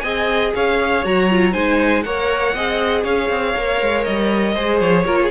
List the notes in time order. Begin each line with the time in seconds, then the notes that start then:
0.00 C4 G#4 D#5 G#5
0.55 C#4 C#5 F5
1.04 F#3 F#4 A#5
1.30 F4
1.52 G#3 D#4 C5 G#5
2.03 A#3 A#4 C#5 F#5
2.54 C4 G#4 D#5
3.04 C#4 C#5 F5
3.30 C4
3.56 A#3 A#4
3.82 G#3
4.04 G3 D#5
4.54 G#3 G#4 C5
4.80 F3 C#5
5.05 A#3 F4 A#4
5.22 G#4